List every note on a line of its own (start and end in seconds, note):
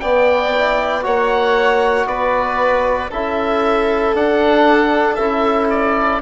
0.00 1.06 B3
0.00 0.54 B3
0.00 1.04 D5
0.00 1.03 G5
0.55 1.03 E4
1.03 2.06 A#3
1.03 3.10 F#4
1.03 2.08 C#5
1.03 2.07 F#5
2.06 3.09 B3
2.06 3.11 B4
2.06 3.11 D5
3.11 4.14 C#4
3.11 4.15 E4
3.11 6.21 A4
3.11 4.16 E5
4.14 5.18 D4
4.14 5.15 F#5
5.15 6.21 C#4
5.15 6.22 E4
5.15 5.67 E5
5.70 6.22 D5